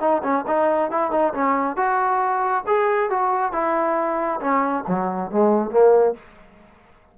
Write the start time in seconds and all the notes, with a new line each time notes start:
0.00 D#4
0.23 C#4
0.47 D#4
0.91 E4
1.11 D#4
1.33 C#4
1.76 F#4
2.67 G#4
3.10 F#4
3.52 E4
4.40 C#4
4.88 F#3
5.31 G#3
5.71 A#3